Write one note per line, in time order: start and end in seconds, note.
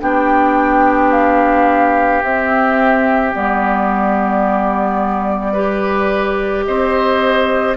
0.00 2.23 B3
0.00 2.22 D4
0.00 5.53 G4
0.00 1.12 G5
1.12 2.23 F5
2.23 3.34 C4
2.23 3.33 C4
2.23 3.35 E5
3.33 6.68 G3
3.33 5.55 B3
3.33 6.65 D5
5.53 7.77 G4
5.53 6.64 B4
6.65 7.77 C4
6.65 7.77 C5
6.65 7.76 D#5